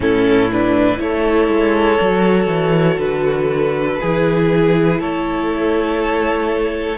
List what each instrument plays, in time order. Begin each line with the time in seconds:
0.00 cello A2, viola C#4, violin E4 A4
0.51 viola D4, violin B4
0.97 cello A3, viola E4, violin A4 C#5
1.48 cello G#3
2.00 cello F#3, viola F#4
2.46 cello E3
2.98 cello D3, violin B4
4.00 cello E3, viola E4, violin G#4
4.99 cello A3, violin A4 C#5